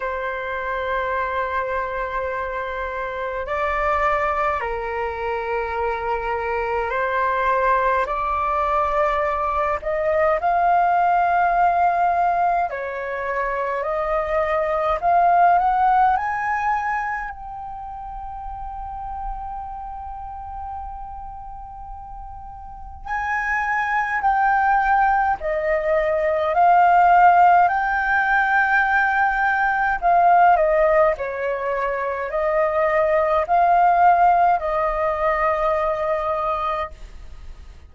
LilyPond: \new Staff \with { instrumentName = "flute" } { \time 4/4 \tempo 4 = 52 c''2. d''4 | ais'2 c''4 d''4~ | d''8 dis''8 f''2 cis''4 | dis''4 f''8 fis''8 gis''4 g''4~ |
g''1 | gis''4 g''4 dis''4 f''4 | g''2 f''8 dis''8 cis''4 | dis''4 f''4 dis''2 | }